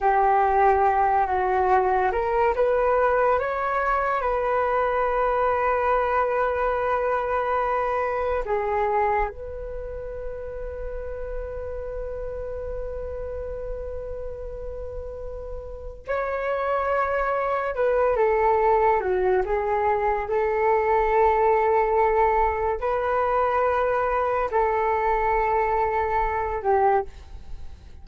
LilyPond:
\new Staff \with { instrumentName = "flute" } { \time 4/4 \tempo 4 = 71 g'4. fis'4 ais'8 b'4 | cis''4 b'2.~ | b'2 gis'4 b'4~ | b'1~ |
b'2. cis''4~ | cis''4 b'8 a'4 fis'8 gis'4 | a'2. b'4~ | b'4 a'2~ a'8 g'8 | }